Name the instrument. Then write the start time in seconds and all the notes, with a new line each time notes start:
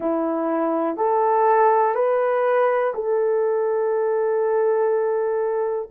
horn
0.00 E4
0.96 A4
1.94 B4
2.94 A4